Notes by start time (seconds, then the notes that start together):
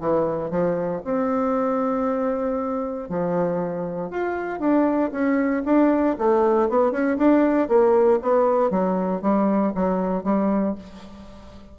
0.00 E3
0.50 F3
1.04 C4
3.09 F3
4.10 F4
4.59 D4
5.12 C#4
5.65 D4
6.18 A3
6.69 B3
6.91 C#4
7.17 D4
7.68 A#3
8.22 B3
8.70 F#3
9.22 G3
9.75 F#3
10.24 G3